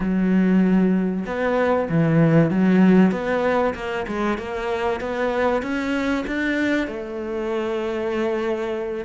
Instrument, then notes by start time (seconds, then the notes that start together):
cello
0.00 F#3
1.26 B3
1.89 E3
2.50 F#3
3.11 B3
3.74 A#3
4.07 G#3
4.38 A#3
5.00 B3
5.62 C#4
6.26 D4
6.87 A3